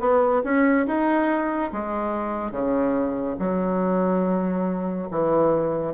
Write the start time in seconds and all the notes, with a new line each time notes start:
0.00 B3
0.44 C#4
0.87 D#4
1.72 G#3
2.52 C#3
3.40 F#3
5.11 E3